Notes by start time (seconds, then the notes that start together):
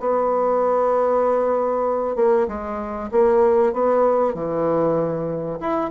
0.00 B3
2.16 A#3
2.48 G#3
3.11 A#3
3.73 B3
4.35 E3
5.61 E4